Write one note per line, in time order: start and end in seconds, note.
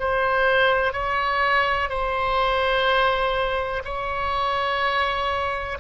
0.00 0.93 C5
0.93 1.90 C#5
1.90 3.83 C5
3.84 5.78 C#5